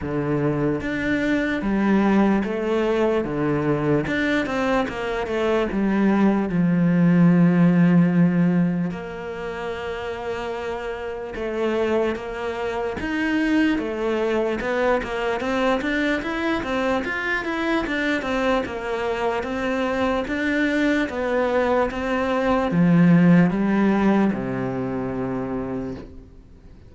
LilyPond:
\new Staff \with { instrumentName = "cello" } { \time 4/4 \tempo 4 = 74 d4 d'4 g4 a4 | d4 d'8 c'8 ais8 a8 g4 | f2. ais4~ | ais2 a4 ais4 |
dis'4 a4 b8 ais8 c'8 d'8 | e'8 c'8 f'8 e'8 d'8 c'8 ais4 | c'4 d'4 b4 c'4 | f4 g4 c2 | }